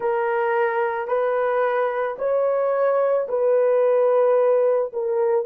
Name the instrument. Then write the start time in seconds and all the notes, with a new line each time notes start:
horn
0.00 A#4
1.07 B4
2.18 C#5
3.28 B4
4.92 A#4